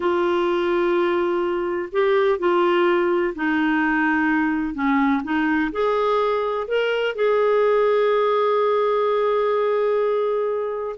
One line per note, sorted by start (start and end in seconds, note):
0.00 1.89 F4
1.92 2.39 G4
2.39 3.34 F4
3.35 4.74 D#4
4.74 5.22 C#4
5.23 5.71 D#4
5.71 6.67 G#4
6.67 7.15 A#4
7.15 10.96 G#4